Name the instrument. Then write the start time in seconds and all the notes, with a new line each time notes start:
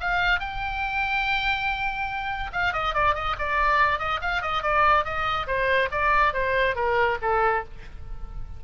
oboe
0.00 F5
0.40 G5
2.52 F5
2.73 D#5
2.94 D5
3.15 D#5
3.38 D5
3.99 D#5
4.21 F5
4.42 D#5
4.62 D5
5.04 D#5
5.47 C5
5.91 D5
6.33 C5
6.75 A#4
7.22 A4